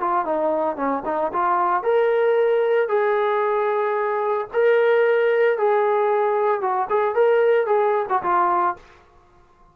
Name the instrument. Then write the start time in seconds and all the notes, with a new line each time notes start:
trombone
0.00 F4
0.25 D#4
0.76 C#4
1.05 D#4
1.32 F4
1.83 A#4
2.88 G#4
4.53 A#4
5.58 G#4
6.61 F#4
6.89 G#4
7.14 A#4
7.66 G#4
8.09 F#4
8.23 F4